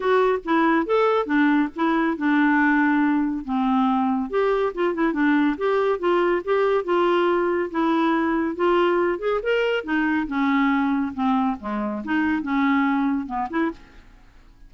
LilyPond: \new Staff \with { instrumentName = "clarinet" } { \time 4/4 \tempo 4 = 140 fis'4 e'4 a'4 d'4 | e'4 d'2. | c'2 g'4 f'8 e'8 | d'4 g'4 f'4 g'4 |
f'2 e'2 | f'4. gis'8 ais'4 dis'4 | cis'2 c'4 gis4 | dis'4 cis'2 b8 e'8 | }